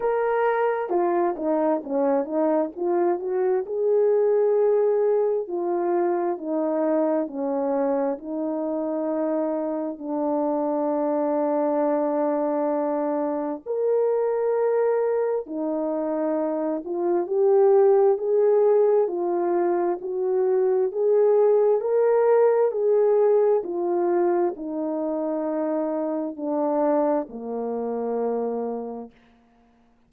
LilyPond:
\new Staff \with { instrumentName = "horn" } { \time 4/4 \tempo 4 = 66 ais'4 f'8 dis'8 cis'8 dis'8 f'8 fis'8 | gis'2 f'4 dis'4 | cis'4 dis'2 d'4~ | d'2. ais'4~ |
ais'4 dis'4. f'8 g'4 | gis'4 f'4 fis'4 gis'4 | ais'4 gis'4 f'4 dis'4~ | dis'4 d'4 ais2 | }